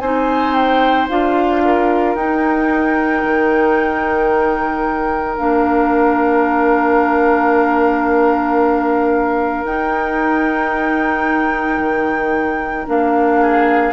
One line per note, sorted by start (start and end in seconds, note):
0.00 1.07 C4
0.00 1.09 D#4
0.00 1.62 C5
0.00 0.53 G#5
0.53 1.07 G5
1.09 2.15 D4
1.09 2.16 F4
1.09 2.15 F5
1.64 13.40 A#4
2.15 3.22 D#4
2.15 5.37 D#4
2.15 5.36 G5
3.23 5.37 D#3
5.36 9.64 A#3
5.36 9.65 D4
5.36 9.65 F5
9.64 11.78 D#4
9.64 12.85 D#4
9.64 12.86 G5
11.78 12.85 D#3
12.85 13.92 A#3
12.85 13.92 D4
12.85 13.92 F5
13.40 13.92 G#4